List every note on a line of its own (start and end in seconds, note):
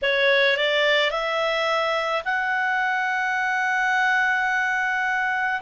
0.02 0.57 C#5
0.57 1.10 D5
1.10 2.23 E5
2.24 5.61 F#5